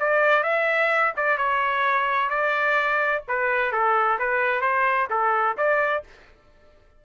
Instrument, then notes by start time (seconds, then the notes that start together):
trumpet
0.00 D5
0.44 E5
1.17 D5
1.38 C#5
2.30 D5
3.28 B4
3.73 A4
4.19 B4
4.62 C5
5.11 A4
5.58 D5